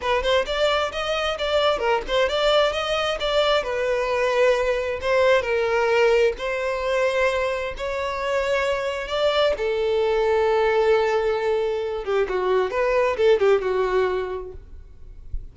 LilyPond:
\new Staff \with { instrumentName = "violin" } { \time 4/4 \tempo 4 = 132 b'8 c''8 d''4 dis''4 d''4 | ais'8 c''8 d''4 dis''4 d''4 | b'2. c''4 | ais'2 c''2~ |
c''4 cis''2. | d''4 a'2.~ | a'2~ a'8 g'8 fis'4 | b'4 a'8 g'8 fis'2 | }